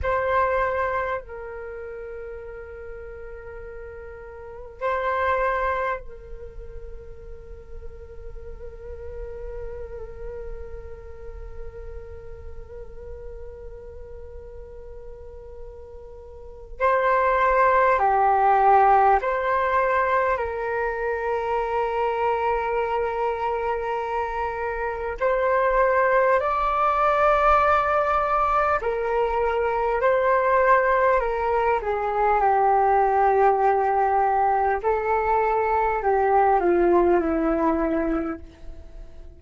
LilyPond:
\new Staff \with { instrumentName = "flute" } { \time 4/4 \tempo 4 = 50 c''4 ais'2. | c''4 ais'2.~ | ais'1~ | ais'2 c''4 g'4 |
c''4 ais'2.~ | ais'4 c''4 d''2 | ais'4 c''4 ais'8 gis'8 g'4~ | g'4 a'4 g'8 f'8 e'4 | }